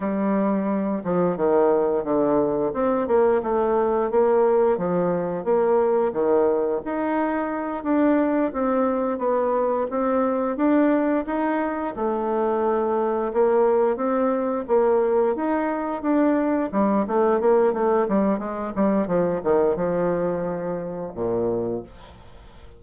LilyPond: \new Staff \with { instrumentName = "bassoon" } { \time 4/4 \tempo 4 = 88 g4. f8 dis4 d4 | c'8 ais8 a4 ais4 f4 | ais4 dis4 dis'4. d'8~ | d'8 c'4 b4 c'4 d'8~ |
d'8 dis'4 a2 ais8~ | ais8 c'4 ais4 dis'4 d'8~ | d'8 g8 a8 ais8 a8 g8 gis8 g8 | f8 dis8 f2 ais,4 | }